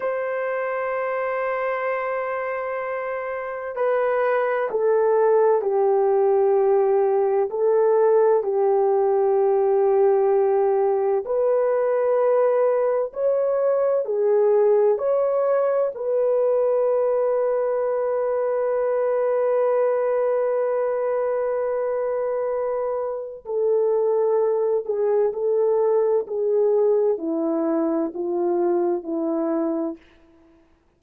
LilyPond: \new Staff \with { instrumentName = "horn" } { \time 4/4 \tempo 4 = 64 c''1 | b'4 a'4 g'2 | a'4 g'2. | b'2 cis''4 gis'4 |
cis''4 b'2.~ | b'1~ | b'4 a'4. gis'8 a'4 | gis'4 e'4 f'4 e'4 | }